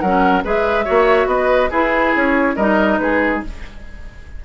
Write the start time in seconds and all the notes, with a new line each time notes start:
0.00 F#3 C#4 A#4 F#5
0.44 G#3 G#4 B4 E5
0.85 A#3 F#4 C#5
1.26 B3 B4 D#5
1.70 E4 G#4 B4
2.16 C#4 C#5
2.56 G3 D#4 A#4 D#5
2.98 G#3 G#4 B4